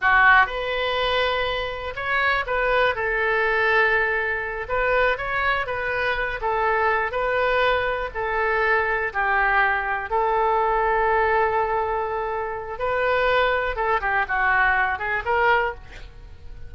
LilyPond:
\new Staff \with { instrumentName = "oboe" } { \time 4/4 \tempo 4 = 122 fis'4 b'2. | cis''4 b'4 a'2~ | a'4. b'4 cis''4 b'8~ | b'4 a'4. b'4.~ |
b'8 a'2 g'4.~ | g'8 a'2.~ a'8~ | a'2 b'2 | a'8 g'8 fis'4. gis'8 ais'4 | }